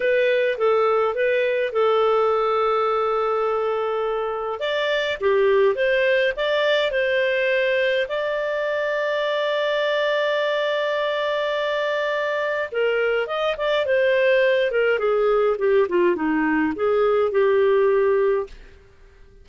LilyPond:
\new Staff \with { instrumentName = "clarinet" } { \time 4/4 \tempo 4 = 104 b'4 a'4 b'4 a'4~ | a'1 | d''4 g'4 c''4 d''4 | c''2 d''2~ |
d''1~ | d''2 ais'4 dis''8 d''8 | c''4. ais'8 gis'4 g'8 f'8 | dis'4 gis'4 g'2 | }